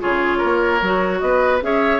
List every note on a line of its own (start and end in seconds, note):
0.00 0.43 C#3
0.00 0.81 F4
0.00 0.38 G#4
0.00 1.20 C#5
0.38 0.81 A#3
0.38 1.18 A#4
0.81 1.22 F#3
0.81 1.61 F#4
1.20 1.62 B3
1.20 1.63 B4
1.20 1.60 D#5
1.61 1.99 C#4
1.61 1.99 G#4
1.61 1.99 C#5
1.61 1.99 E5